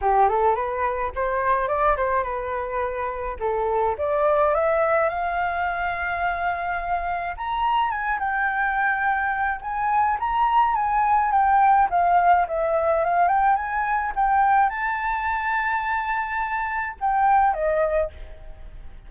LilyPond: \new Staff \with { instrumentName = "flute" } { \time 4/4 \tempo 4 = 106 g'8 a'8 b'4 c''4 d''8 c''8 | b'2 a'4 d''4 | e''4 f''2.~ | f''4 ais''4 gis''8 g''4.~ |
g''4 gis''4 ais''4 gis''4 | g''4 f''4 e''4 f''8 g''8 | gis''4 g''4 a''2~ | a''2 g''4 dis''4 | }